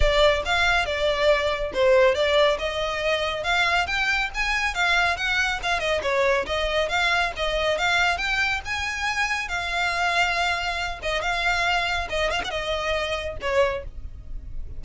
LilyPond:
\new Staff \with { instrumentName = "violin" } { \time 4/4 \tempo 4 = 139 d''4 f''4 d''2 | c''4 d''4 dis''2 | f''4 g''4 gis''4 f''4 | fis''4 f''8 dis''8 cis''4 dis''4 |
f''4 dis''4 f''4 g''4 | gis''2 f''2~ | f''4. dis''8 f''2 | dis''8 f''16 fis''16 dis''2 cis''4 | }